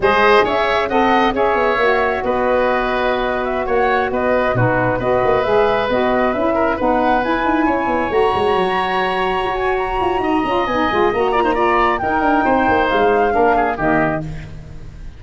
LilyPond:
<<
  \new Staff \with { instrumentName = "flute" } { \time 4/4 \tempo 4 = 135 dis''4 e''4 fis''4 e''4~ | e''4 dis''2~ dis''8. e''16~ | e''16 fis''4 dis''4 b'4 dis''8.~ | dis''16 e''4 dis''4 e''4 fis''8.~ |
fis''16 gis''2 ais''4.~ ais''16~ | ais''4. gis''8 ais''2 | gis''4 ais''2 g''4~ | g''4 f''2 dis''4 | }
  \new Staff \with { instrumentName = "oboe" } { \time 4/4 c''4 cis''4 dis''4 cis''4~ | cis''4 b'2.~ | b'16 cis''4 b'4 fis'4 b'8.~ | b'2~ b'8. ais'8 b'8.~ |
b'4~ b'16 cis''2~ cis''8.~ | cis''2. dis''4~ | dis''4. d''16 c''16 d''4 ais'4 | c''2 ais'8 gis'8 g'4 | }
  \new Staff \with { instrumentName = "saxophone" } { \time 4/4 gis'2 a'4 gis'4 | fis'1~ | fis'2~ fis'16 dis'4 fis'8.~ | fis'16 gis'4 fis'4 e'4 dis'8.~ |
dis'16 e'2 fis'4.~ fis'16~ | fis'2.~ fis'8 f'8 | dis'8 f'8 fis'8 f'16 dis'16 f'4 dis'4~ | dis'2 d'4 ais4 | }
  \new Staff \with { instrumentName = "tuba" } { \time 4/4 gis4 cis'4 c'4 cis'8 b8 | ais4 b2.~ | b16 ais4 b4 b,4 b8 ais16~ | ais16 gis4 b4 cis'4 b8.~ |
b16 e'8 dis'8 cis'8 b8 a8 gis8 fis8.~ | fis4~ fis16 fis'4~ fis'16 f'8 dis'8 cis'8 | b8 gis8 ais2 dis'8 d'8 | c'8 ais8 gis4 ais4 dis4 | }
>>